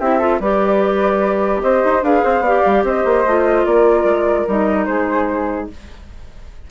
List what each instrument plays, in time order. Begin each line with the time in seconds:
0.00 bassoon C4, clarinet E4, flute G4 E5
0.19 clarinet F4, flute A4
0.40 bassoon G3, clarinet G4, flute B4 D5
1.62 bassoon C4, flute C5 D#5
1.85 bassoon D#4
2.03 bassoon D4, clarinet G#4, flute B4 F5
2.24 bassoon C4, flute C5
2.41 bassoon B3, clarinet G4, flute D5
2.66 bassoon G3
2.84 bassoon C4, flute C5 D#5
3.05 bassoon A#3
3.27 bassoon A3, clarinet F4
3.66 bassoon A#3, flute A#4 D5
4.05 bassoon G#3
4.48 bassoon G3, clarinet D#4, flute D#5
4.86 bassoon G#3, flute G#4 C5